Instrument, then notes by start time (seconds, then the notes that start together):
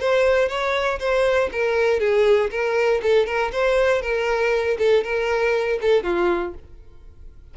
violin
0.00 C5
0.49 C#5
0.99 C5
1.52 A#4
2.00 G#4
2.51 A#4
3.03 A4
3.26 A#4
3.52 C5
4.02 A#4
4.78 A4
5.04 A#4
5.81 A4
6.03 F4